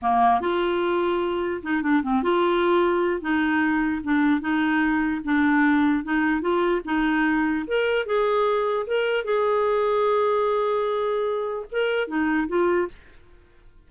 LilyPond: \new Staff \with { instrumentName = "clarinet" } { \time 4/4 \tempo 4 = 149 ais4 f'2. | dis'8 d'8 c'8 f'2~ f'8 | dis'2 d'4 dis'4~ | dis'4 d'2 dis'4 |
f'4 dis'2 ais'4 | gis'2 ais'4 gis'4~ | gis'1~ | gis'4 ais'4 dis'4 f'4 | }